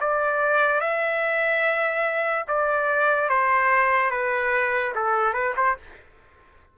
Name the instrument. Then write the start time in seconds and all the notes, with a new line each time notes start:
trumpet
0.00 D5
0.80 E5
2.48 D5
3.29 C5
4.11 B4
4.95 A4
5.33 B4
5.57 C5